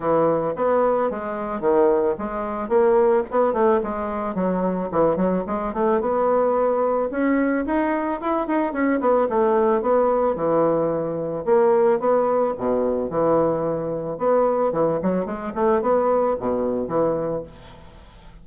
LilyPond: \new Staff \with { instrumentName = "bassoon" } { \time 4/4 \tempo 4 = 110 e4 b4 gis4 dis4 | gis4 ais4 b8 a8 gis4 | fis4 e8 fis8 gis8 a8 b4~ | b4 cis'4 dis'4 e'8 dis'8 |
cis'8 b8 a4 b4 e4~ | e4 ais4 b4 b,4 | e2 b4 e8 fis8 | gis8 a8 b4 b,4 e4 | }